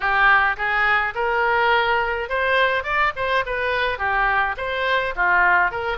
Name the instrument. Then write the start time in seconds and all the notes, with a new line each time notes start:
oboe
0.00 G4
0.57 G#4
1.14 A#4
2.29 C5
2.83 D5
3.16 C5
3.46 B4
3.98 G4
4.57 C5
5.15 F4
5.71 A#4